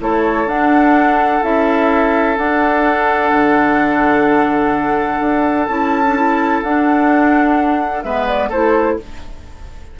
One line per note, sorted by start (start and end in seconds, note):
0.00 0.47 A3
0.00 0.47 E4
0.00 8.05 A4
0.00 0.49 C#5
0.47 1.41 D4
0.47 1.43 D4
0.47 1.44 F#5
1.43 2.38 C#4
1.43 2.37 E4
1.43 2.38 E5
2.37 5.68 D4
2.37 3.32 D4
2.37 5.67 F#5
3.32 5.20 D3
5.20 5.68 D4
5.67 6.63 C#4
5.67 6.04 E4
5.67 6.62 A5
6.07 6.17 D4
6.17 6.64 E4
6.63 8.04 D4
6.63 8.05 D4
6.63 8.04 F#5
8.04 8.50 G#3
8.04 8.52 B3
8.04 8.49 B4
8.04 8.27 E5
8.28 8.51 D5
8.49 8.97 A3
8.49 9.00 E4
8.49 8.97 A4
8.49 8.99 C5